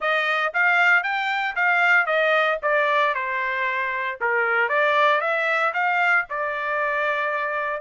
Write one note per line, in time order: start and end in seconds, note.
0.00 0.53 D#5
0.53 1.03 F5
1.03 1.55 G5
1.55 2.06 F5
2.06 2.58 D#5
2.62 3.14 D5
3.14 4.18 C5
4.20 4.68 A#4
4.68 5.20 D5
5.20 5.72 E5
5.73 6.25 F5
6.29 7.80 D5